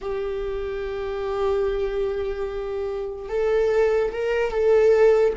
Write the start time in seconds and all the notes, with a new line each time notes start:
0.01 G4
3.29 A4
4.11 A#4
4.51 A4